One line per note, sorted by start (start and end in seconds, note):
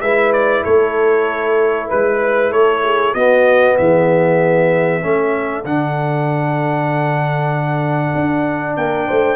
0.00 0.62 G#3
0.00 3.16 E4
0.00 0.64 B4
0.00 0.32 E5
0.33 0.64 D5
0.64 1.91 A3
0.64 1.88 A4
0.64 1.89 C#5
1.88 2.52 G#3
1.88 2.50 B4
1.88 2.52 B4
2.50 3.14 A3
2.50 2.82 A4
2.50 3.14 C#5
2.83 3.14 G#4
3.14 3.77 B3
3.14 5.02 B3
3.14 3.77 F#4
3.14 3.77 D#5
3.78 5.04 E3
3.78 5.04 G#4
3.78 5.65 E5
5.02 5.65 A3
5.02 5.64 C#4
5.02 8.77 A4
5.65 8.15 D3
5.65 9.36 D4
5.65 8.77 F#5
8.15 8.77 D4
8.77 9.08 A#3
8.77 9.07 A#4
8.77 9.36 G5
9.07 9.36 A3
9.07 9.36 C5